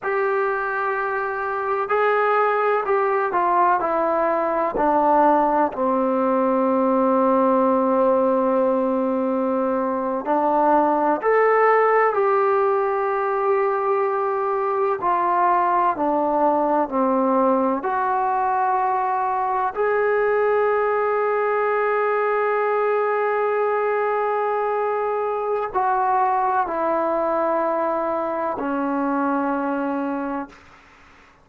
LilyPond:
\new Staff \with { instrumentName = "trombone" } { \time 4/4 \tempo 4 = 63 g'2 gis'4 g'8 f'8 | e'4 d'4 c'2~ | c'2~ c'8. d'4 a'16~ | a'8. g'2. f'16~ |
f'8. d'4 c'4 fis'4~ fis'16~ | fis'8. gis'2.~ gis'16~ | gis'2. fis'4 | e'2 cis'2 | }